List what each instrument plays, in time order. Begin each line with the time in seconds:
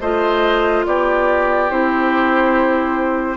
0.00 bassoon A3, clarinet F4, oboe C5, flute D#5
0.85 bassoon B3, oboe G4, flute D5
1.69 bassoon C4, clarinet E4, flute C5